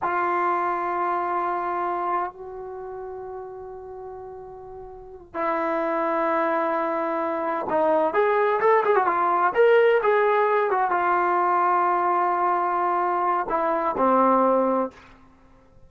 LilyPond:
\new Staff \with { instrumentName = "trombone" } { \time 4/4 \tempo 4 = 129 f'1~ | f'4 fis'2.~ | fis'2.~ fis'8 e'8~ | e'1~ |
e'8 dis'4 gis'4 a'8 gis'16 fis'16 f'8~ | f'8 ais'4 gis'4. fis'8 f'8~ | f'1~ | f'4 e'4 c'2 | }